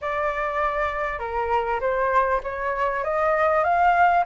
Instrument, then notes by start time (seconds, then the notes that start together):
flute
0.01 D5
1.19 A#4
1.80 C5
2.43 C#5
3.04 D#5
3.64 F5